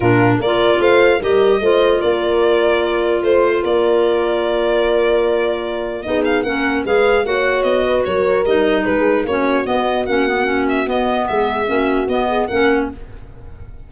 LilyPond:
<<
  \new Staff \with { instrumentName = "violin" } { \time 4/4 \tempo 4 = 149 ais'4 d''4 f''4 dis''4~ | dis''4 d''2. | c''4 d''2.~ | d''2. dis''8 f''8 |
fis''4 f''4 fis''4 dis''4 | cis''4 dis''4 b'4 cis''4 | dis''4 fis''4. e''8 dis''4 | e''2 dis''4 fis''4 | }
  \new Staff \with { instrumentName = "horn" } { \time 4/4 f'4 ais'4 c''4 ais'4 | c''4 ais'2. | c''4 ais'2.~ | ais'2. gis'4 |
ais'4 b'4 cis''4. b'8 | ais'2 gis'4 fis'4~ | fis'1 | gis'4 fis'4. gis'8 ais'4 | }
  \new Staff \with { instrumentName = "clarinet" } { \time 4/4 d'4 f'2 g'4 | f'1~ | f'1~ | f'2. dis'4 |
cis'4 gis'4 fis'2~ | fis'4 dis'2 cis'4 | b4 cis'8 b8 cis'4 b4~ | b4 cis'4 b4 cis'4 | }
  \new Staff \with { instrumentName = "tuba" } { \time 4/4 ais,4 ais4 a4 g4 | a4 ais2. | a4 ais2.~ | ais2. b4 |
ais4 gis4 ais4 b4 | fis4 g4 gis4 ais4 | b4 ais2 b4 | gis4 ais4 b4 ais4 | }
>>